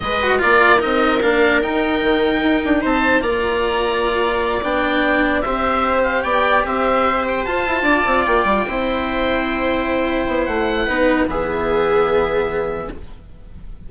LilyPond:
<<
  \new Staff \with { instrumentName = "oboe" } { \time 4/4 \tempo 4 = 149 dis''4 d''4 dis''4 f''4 | g''2. a''4 | ais''2.~ ais''8 g''8~ | g''4. e''4. f''8 g''8~ |
g''8 e''4. g''8 a''4.~ | a''8 g''2.~ g''8~ | g''2 fis''2 | e''1 | }
  \new Staff \with { instrumentName = "viola" } { \time 4/4 b'4 ais'2.~ | ais'2. c''4 | d''1~ | d''4. c''2 d''8~ |
d''8 c''2. d''8~ | d''4. c''2~ c''8~ | c''2. b'4 | gis'1 | }
  \new Staff \with { instrumentName = "cello" } { \time 4/4 gis'8 fis'8 f'4 dis'4 d'4 | dis'1 | f'2.~ f'8 d'8~ | d'4. g'2~ g'8~ |
g'2~ g'8 f'4.~ | f'4. e'2~ e'8~ | e'2. dis'4 | b1 | }
  \new Staff \with { instrumentName = "bassoon" } { \time 4/4 gis4 ais4 c'4 ais4 | dis'4 dis4 dis'8 d'8 c'4 | ais2.~ ais8 b8~ | b4. c'2 b8~ |
b8 c'2 f'8 e'8 d'8 | c'8 ais8 g8 c'2~ c'8~ | c'4. b8 a4 b4 | e1 | }
>>